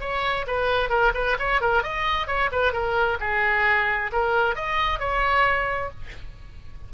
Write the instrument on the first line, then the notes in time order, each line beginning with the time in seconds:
oboe
0.00 C#5
0.47 B4
0.89 A#4
1.14 B4
1.39 C#5
1.61 A#4
1.83 D#5
2.27 C#5
2.51 B4
2.72 A#4
3.20 G#4
4.12 A#4
4.55 D#5
4.99 C#5